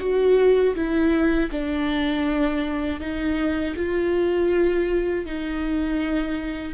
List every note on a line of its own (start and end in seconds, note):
0.00 0.75 F#4
0.75 1.50 E4
1.52 3.00 D4
3.00 3.75 D#4
3.76 5.26 F4
5.26 6.74 D#4